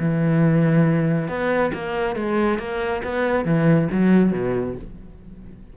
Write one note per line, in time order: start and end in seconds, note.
0.00 1.29 E3
1.29 1.72 B3
1.74 2.16 A#3
2.16 2.59 G#3
2.59 3.03 A#3
3.04 3.45 B3
3.45 3.89 E3
3.92 4.32 F#3
4.32 4.76 B2